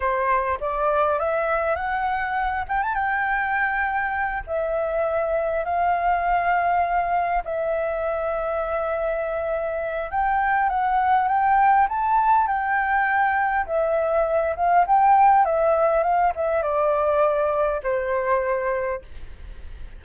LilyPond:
\new Staff \with { instrumentName = "flute" } { \time 4/4 \tempo 4 = 101 c''4 d''4 e''4 fis''4~ | fis''8 g''16 a''16 g''2~ g''8 e''8~ | e''4. f''2~ f''8~ | f''8 e''2.~ e''8~ |
e''4 g''4 fis''4 g''4 | a''4 g''2 e''4~ | e''8 f''8 g''4 e''4 f''8 e''8 | d''2 c''2 | }